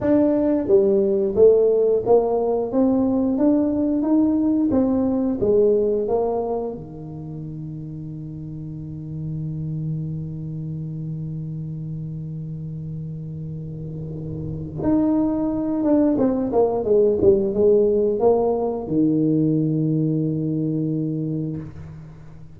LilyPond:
\new Staff \with { instrumentName = "tuba" } { \time 4/4 \tempo 4 = 89 d'4 g4 a4 ais4 | c'4 d'4 dis'4 c'4 | gis4 ais4 dis2~ | dis1~ |
dis1~ | dis2 dis'4. d'8 | c'8 ais8 gis8 g8 gis4 ais4 | dis1 | }